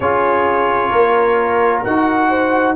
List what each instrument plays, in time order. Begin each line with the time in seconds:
0.00 tuba C#4, trombone F4, horn G#4, trumpet C#5
0.90 tuba A#3, horn A#4
1.83 tuba D#4, trombone F#4, trumpet F#5
2.29 horn C5